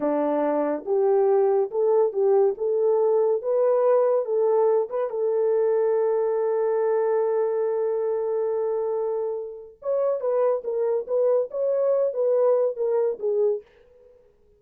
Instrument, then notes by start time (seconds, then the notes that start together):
horn
0.00 D4
0.85 G4
1.70 A4
2.12 G4
2.57 A4
3.42 B4
4.25 A4
4.89 B4
5.09 A4
9.82 C#5
10.20 B4
10.63 A#4
11.07 B4
11.50 C#5
12.13 B4
12.76 A#4
13.19 G#4